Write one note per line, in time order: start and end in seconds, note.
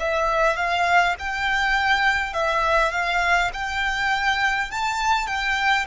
0.00 0.56 E5
0.56 1.15 F5
1.19 2.34 G5
2.34 2.92 E5
2.92 3.51 F5
3.53 4.71 G5
4.71 5.27 A5
5.27 5.86 G5